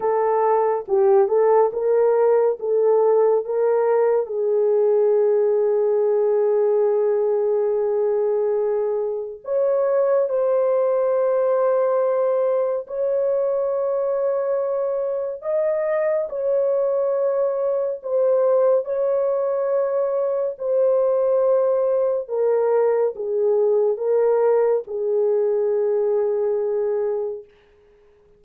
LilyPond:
\new Staff \with { instrumentName = "horn" } { \time 4/4 \tempo 4 = 70 a'4 g'8 a'8 ais'4 a'4 | ais'4 gis'2.~ | gis'2. cis''4 | c''2. cis''4~ |
cis''2 dis''4 cis''4~ | cis''4 c''4 cis''2 | c''2 ais'4 gis'4 | ais'4 gis'2. | }